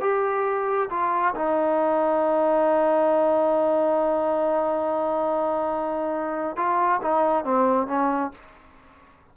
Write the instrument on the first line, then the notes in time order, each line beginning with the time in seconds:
trombone
0.00 G4
0.90 F4
1.35 D#4
6.56 F4
7.01 D#4
7.44 C4
7.87 C#4